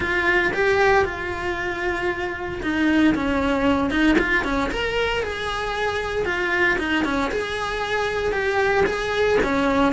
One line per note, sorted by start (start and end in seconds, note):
0.00 0.52 F4
0.53 1.05 G4
1.05 2.61 F4
2.62 3.14 D#4
3.14 3.90 C#4
3.90 4.16 D#4
4.19 4.44 F4
4.44 4.70 C#4
4.71 5.22 A#4
5.22 6.25 G#4
6.25 6.77 F4
6.78 7.04 D#4
7.04 7.30 C#4
7.31 8.32 G#4
8.32 8.84 G4
8.86 9.38 G#4
9.43 9.92 C#4